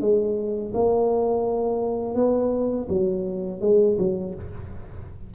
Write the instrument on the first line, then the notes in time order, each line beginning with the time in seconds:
tuba
0.00 G#3
0.74 A#3
2.15 B3
2.88 F#3
3.61 G#3
3.98 F#3